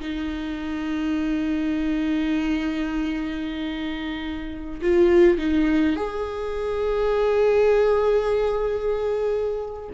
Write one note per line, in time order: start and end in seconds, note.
0.00 4.81 D#4
4.81 5.38 F4
5.38 5.96 D#4
5.96 9.89 G#4